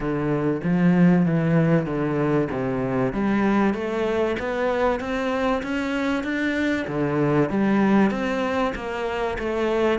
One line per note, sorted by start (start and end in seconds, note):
0.00 0.61 D3
0.63 1.25 F3
1.25 1.86 E3
1.86 2.48 D3
2.51 3.12 C3
3.12 3.74 G3
3.74 4.36 A3
4.39 5.00 B3
5.00 5.62 C4
5.62 6.23 C#4
6.23 6.86 D4
6.87 7.49 D3
7.49 8.11 G3
8.11 8.73 C4
8.75 9.37 A#3
9.39 9.99 A3